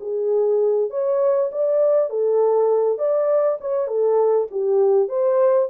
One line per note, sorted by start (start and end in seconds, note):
0.00 0.90 G#4
0.90 1.50 C#5
1.52 2.10 D5
2.10 2.98 A4
2.98 3.58 D5
3.61 3.87 C#5
3.87 4.47 A4
4.51 5.08 G4
5.08 5.68 C5